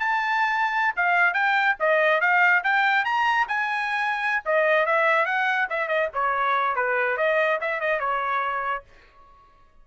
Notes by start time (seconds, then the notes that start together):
0.00 A5
0.96 F5
1.34 G5
1.80 D#5
2.21 F5
2.64 G5
3.05 A#5
3.49 G#5
4.45 D#5
4.86 E5
5.26 F#5
5.70 E5
5.88 D#5
6.14 C#5
6.76 B4
7.18 D#5
7.61 E5
7.81 D#5
8.00 C#5